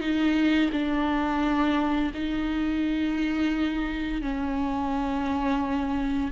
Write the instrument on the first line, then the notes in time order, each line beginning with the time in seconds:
viola
0.00 D#4
0.72 D4
2.13 D#4
4.21 C#4